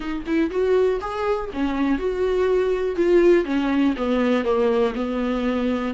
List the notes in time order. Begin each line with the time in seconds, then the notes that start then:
0.00 D#4
0.26 E4
0.50 F#4
1.00 G#4
1.53 C#4
1.98 F#4
2.96 F4
3.44 C#4
3.96 B3
4.44 A#3
4.94 B3